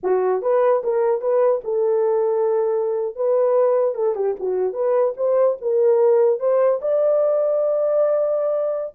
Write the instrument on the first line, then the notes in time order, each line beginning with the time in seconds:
horn
0.03 F#4
0.42 B4
0.83 A#4
1.21 B4
1.64 A4
3.15 B4
3.95 A4
4.15 G4
4.39 F#4
4.73 B4
5.16 C5
5.61 A#4
6.39 C5
6.81 D5